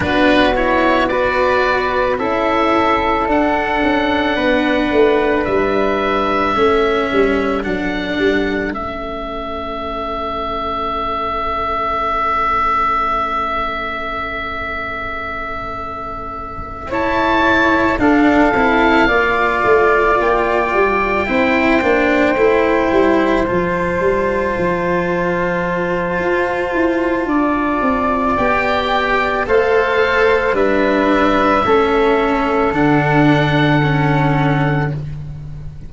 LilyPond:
<<
  \new Staff \with { instrumentName = "oboe" } { \time 4/4 \tempo 4 = 55 b'8 cis''8 d''4 e''4 fis''4~ | fis''4 e''2 fis''4 | e''1~ | e''2.~ e''8 a''8~ |
a''8 f''2 g''4.~ | g''4. a''2~ a''8~ | a''2 g''4 f''4 | e''2 fis''2 | }
  \new Staff \with { instrumentName = "flute" } { \time 4/4 fis'4 b'4 a'2 | b'2 a'2~ | a'1~ | a'2.~ a'8 cis''8~ |
cis''8 a'4 d''2 c''8~ | c''1~ | c''4 d''2 c''4 | b'4 a'2. | }
  \new Staff \with { instrumentName = "cello" } { \time 4/4 d'8 e'8 fis'4 e'4 d'4~ | d'2 cis'4 d'4 | cis'1~ | cis'2.~ cis'8 e'8~ |
e'8 d'8 e'8 f'2 e'8 | d'8 e'4 f'2~ f'8~ | f'2 g'4 a'4 | d'4 cis'4 d'4 cis'4 | }
  \new Staff \with { instrumentName = "tuba" } { \time 4/4 b2 cis'4 d'8 cis'8 | b8 a8 g4 a8 g8 fis8 g8 | a1~ | a1~ |
a8 d'8 c'8 ais8 a8 ais8 g8 c'8 | ais8 a8 g8 f8 g8 f4. | f'8 e'8 d'8 c'8 b4 a4 | g4 a4 d2 | }
>>